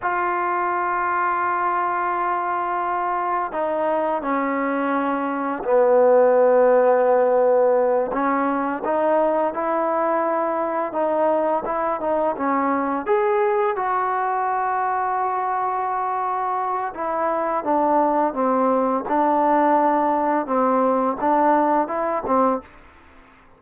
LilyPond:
\new Staff \with { instrumentName = "trombone" } { \time 4/4 \tempo 4 = 85 f'1~ | f'4 dis'4 cis'2 | b2.~ b8 cis'8~ | cis'8 dis'4 e'2 dis'8~ |
dis'8 e'8 dis'8 cis'4 gis'4 fis'8~ | fis'1 | e'4 d'4 c'4 d'4~ | d'4 c'4 d'4 e'8 c'8 | }